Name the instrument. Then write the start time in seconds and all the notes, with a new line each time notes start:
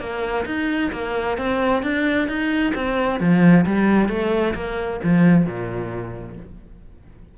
cello
0.00 A#3
0.46 D#4
0.92 A#3
1.38 C4
1.83 D4
2.28 D#4
2.75 C4
3.20 F3
3.66 G3
4.09 A3
4.55 A#3
5.04 F3
5.46 A#2